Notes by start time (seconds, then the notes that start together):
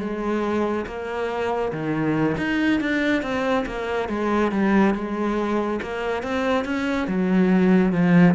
0.00 G#3
0.86 A#3
1.72 D#3
2.38 D#4
2.81 D4
3.23 C4
3.66 A#3
4.09 G#3
4.52 G3
4.94 G#3
5.82 A#3
6.23 C4
6.65 C#4
7.08 F#3
7.92 F3